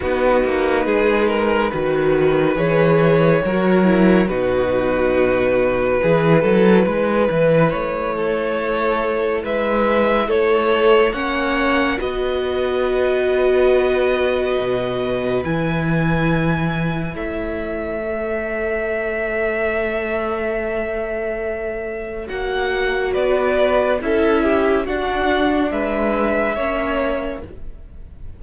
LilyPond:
<<
  \new Staff \with { instrumentName = "violin" } { \time 4/4 \tempo 4 = 70 b'2. cis''4~ | cis''4 b'2.~ | b'4 cis''2 e''4 | cis''4 fis''4 dis''2~ |
dis''2 gis''2 | e''1~ | e''2 fis''4 d''4 | e''4 fis''4 e''2 | }
  \new Staff \with { instrumentName = "violin" } { \time 4/4 fis'4 gis'8 ais'8 b'2 | ais'4 fis'2 gis'8 a'8 | b'4. a'4. b'4 | a'4 cis''4 b'2~ |
b'1 | cis''1~ | cis''2. b'4 | a'8 g'8 fis'4 b'4 cis''4 | }
  \new Staff \with { instrumentName = "viola" } { \time 4/4 dis'2 fis'4 gis'4 | fis'8 e'8 dis'2 e'4~ | e'1~ | e'4 cis'4 fis'2~ |
fis'2 e'2~ | e'4 a'2.~ | a'2 fis'2 | e'4 d'2 cis'4 | }
  \new Staff \with { instrumentName = "cello" } { \time 4/4 b8 ais8 gis4 dis4 e4 | fis4 b,2 e8 fis8 | gis8 e8 a2 gis4 | a4 ais4 b2~ |
b4 b,4 e2 | a1~ | a2 ais4 b4 | cis'4 d'4 gis4 ais4 | }
>>